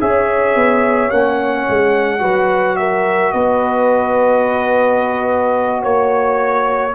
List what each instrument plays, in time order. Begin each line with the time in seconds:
0.00 tuba C#4, trombone G#4, horn C#5, trumpet E5
0.56 tuba B3
1.11 tuba A#3, trombone C#4, trumpet F#5
1.69 tuba G#3
2.19 tuba F#3, trombone F#4, horn B4
2.77 horn A#4, trumpet E5
3.33 tuba B3, horn B4, trumpet D#5
5.82 tuba A#3, horn C#5, trumpet C#5